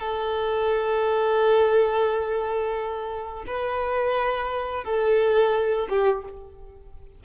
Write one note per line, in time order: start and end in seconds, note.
0.00 3.45 A4
3.47 4.85 B4
4.85 5.88 A4
5.90 6.24 G4